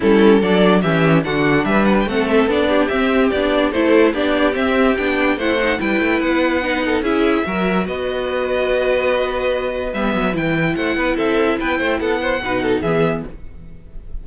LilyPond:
<<
  \new Staff \with { instrumentName = "violin" } { \time 4/4 \tempo 4 = 145 a'4 d''4 e''4 fis''4 | e''8 fis''16 g''16 fis''8 e''8 d''4 e''4 | d''4 c''4 d''4 e''4 | g''4 fis''4 g''4 fis''4~ |
fis''4 e''2 dis''4~ | dis''1 | e''4 g''4 fis''4 e''4 | g''4 fis''2 e''4 | }
  \new Staff \with { instrumentName = "violin" } { \time 4/4 e'4 a'4 g'4 fis'4 | b'4 a'4. g'4.~ | g'4 a'4 g'2~ | g'4 c''4 b'2~ |
b'8 a'8 gis'4 ais'4 b'4~ | b'1~ | b'2 c''8 b'8 a'4 | b'8 c''8 a'8 c''8 b'8 a'8 gis'4 | }
  \new Staff \with { instrumentName = "viola" } { \time 4/4 cis'4 d'4 cis'4 d'4~ | d'4 c'4 d'4 c'4 | d'4 e'4 d'4 c'4 | d'4 e'8 dis'8 e'2 |
dis'4 e'4 fis'2~ | fis'1 | b4 e'2.~ | e'2 dis'4 b4 | }
  \new Staff \with { instrumentName = "cello" } { \time 4/4 g4 fis4 e4 d4 | g4 a4 b4 c'4 | b4 a4 b4 c'4 | b4 a4 g8 a8 b4~ |
b4 cis'4 fis4 b4~ | b1 | g8 fis8 e4 a8 b8 c'4 | b8 a8 b4 b,4 e4 | }
>>